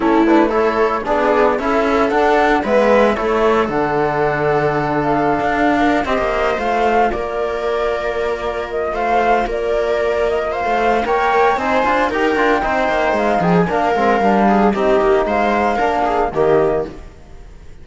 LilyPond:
<<
  \new Staff \with { instrumentName = "flute" } { \time 4/4 \tempo 4 = 114 a'8 b'8 cis''4 d''4 e''4 | fis''4 e''4 cis''4 fis''4~ | fis''4. f''2 dis''8~ | dis''8 f''4 d''2~ d''8~ |
d''8 dis''8 f''4 d''4. dis''8 | f''4 g''4 gis''4 g''4~ | g''4 f''8 g''16 gis''16 f''2 | dis''4 f''2 dis''4 | }
  \new Staff \with { instrumentName = "viola" } { \time 4/4 e'4 a'4 gis'4 a'4~ | a'4 b'4 a'2~ | a'2. ais'8 c''8~ | c''4. ais'2~ ais'8~ |
ais'4 c''4 ais'2 | c''4 cis''4 c''4 ais'4 | c''4. gis'8 ais'4. gis'8 | g'4 c''4 ais'8 gis'8 g'4 | }
  \new Staff \with { instrumentName = "trombone" } { \time 4/4 cis'8 d'8 e'4 d'4 e'4 | d'4 b4 e'4 d'4~ | d'2.~ d'8 g'8~ | g'8 f'2.~ f'8~ |
f'1~ | f'4 ais'4 dis'8 f'8 g'8 f'8 | dis'2 d'8 c'8 d'4 | dis'2 d'4 ais4 | }
  \new Staff \with { instrumentName = "cello" } { \time 4/4 a2 b4 cis'4 | d'4 gis4 a4 d4~ | d2~ d16 d'4~ d'16 c'16 ais16~ | ais8 a4 ais2~ ais8~ |
ais4 a4 ais2~ | ais16 a8. ais4 c'8 d'8 dis'8 d'8 | c'8 ais8 gis8 f8 ais8 gis8 g4 | c'8 ais8 gis4 ais4 dis4 | }
>>